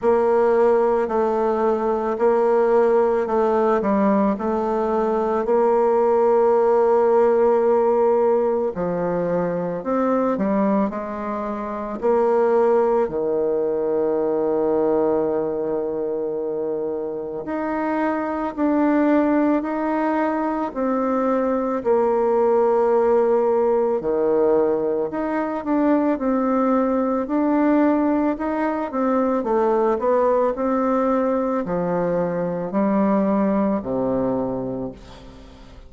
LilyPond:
\new Staff \with { instrumentName = "bassoon" } { \time 4/4 \tempo 4 = 55 ais4 a4 ais4 a8 g8 | a4 ais2. | f4 c'8 g8 gis4 ais4 | dis1 |
dis'4 d'4 dis'4 c'4 | ais2 dis4 dis'8 d'8 | c'4 d'4 dis'8 c'8 a8 b8 | c'4 f4 g4 c4 | }